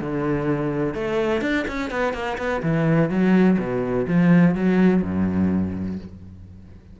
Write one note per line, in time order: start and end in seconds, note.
0.00 0.94 D3
0.94 1.41 A3
1.41 1.65 D4
1.68 1.90 C#4
1.90 2.13 B3
2.13 2.37 A#3
2.38 2.62 B3
2.63 3.10 E3
3.10 3.58 F#3
3.58 4.06 B2
4.07 4.55 F3
4.55 5.02 F#3
5.02 5.98 F#2